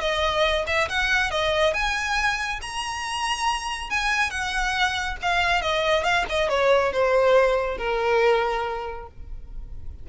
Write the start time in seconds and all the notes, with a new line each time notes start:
0.00 D#5
0.66 E5
0.88 F#5
1.30 D#5
1.73 G#5
2.61 A#5
3.90 G#5
4.30 F#5
5.22 F5
5.61 D#5
6.03 F5
6.29 D#5
6.49 C#5
6.92 C5
7.77 A#4